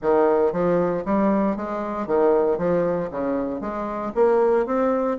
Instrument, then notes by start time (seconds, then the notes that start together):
bassoon
0.02 D#3
0.52 F3
1.05 G3
1.56 G#3
2.06 D#3
2.58 F3
3.10 C#3
3.60 G#3
4.14 A#3
4.66 C4